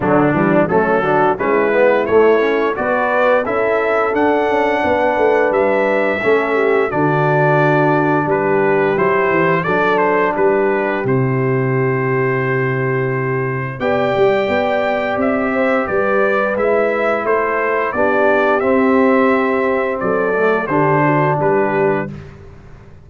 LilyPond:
<<
  \new Staff \with { instrumentName = "trumpet" } { \time 4/4 \tempo 4 = 87 d'4 a'4 b'4 cis''4 | d''4 e''4 fis''2 | e''2 d''2 | b'4 c''4 d''8 c''8 b'4 |
c''1 | g''2 e''4 d''4 | e''4 c''4 d''4 e''4~ | e''4 d''4 c''4 b'4 | }
  \new Staff \with { instrumentName = "horn" } { \time 4/4 d'4 cis'8 fis'8 e'2 | b'4 a'2 b'4~ | b'4 a'8 g'8 fis'2 | g'2 a'4 g'4~ |
g'1 | d''2~ d''8 c''8 b'4~ | b'4 a'4 g'2~ | g'4 a'4 g'8 fis'8 g'4 | }
  \new Staff \with { instrumentName = "trombone" } { \time 4/4 fis8 g8 a8 d'8 cis'8 b8 a8 cis'8 | fis'4 e'4 d'2~ | d'4 cis'4 d'2~ | d'4 e'4 d'2 |
e'1 | g'1 | e'2 d'4 c'4~ | c'4. a8 d'2 | }
  \new Staff \with { instrumentName = "tuba" } { \time 4/4 d8 e8 fis4 gis4 a4 | b4 cis'4 d'8 cis'8 b8 a8 | g4 a4 d2 | g4 fis8 e8 fis4 g4 |
c1 | b8 g8 b4 c'4 g4 | gis4 a4 b4 c'4~ | c'4 fis4 d4 g4 | }
>>